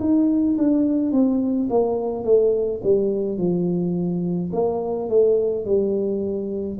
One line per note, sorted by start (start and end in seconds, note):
0.00 0.57 D#4
0.58 1.12 D4
1.12 1.68 C4
1.70 2.24 A#3
2.24 2.81 A3
2.83 3.38 G3
3.38 4.51 F3
4.53 5.09 A#3
5.09 5.65 A3
5.65 6.78 G3